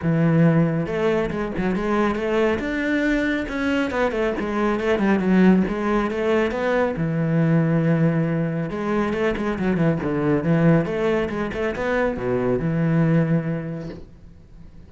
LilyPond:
\new Staff \with { instrumentName = "cello" } { \time 4/4 \tempo 4 = 138 e2 a4 gis8 fis8 | gis4 a4 d'2 | cis'4 b8 a8 gis4 a8 g8 | fis4 gis4 a4 b4 |
e1 | gis4 a8 gis8 fis8 e8 d4 | e4 a4 gis8 a8 b4 | b,4 e2. | }